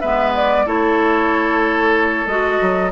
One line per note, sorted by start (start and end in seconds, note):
0.00 0.66 G#3
0.00 0.66 B3
0.00 0.65 B4
0.00 0.32 E5
0.35 0.67 D5
0.66 2.26 A3
0.66 2.27 E4
0.66 2.92 A4
0.66 2.27 C#5
2.26 2.58 G#3
2.26 2.92 F#4
2.26 2.91 D#5
2.61 2.92 F#3